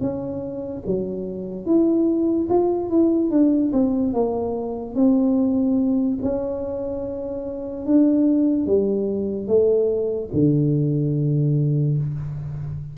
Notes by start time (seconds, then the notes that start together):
0.00 C#4
0.86 F#3
1.66 E4
2.49 F4
2.89 E4
3.30 D4
3.72 C4
4.13 A#3
4.95 C4
6.22 C#4
7.85 D4
8.66 G3
9.47 A3
10.33 D3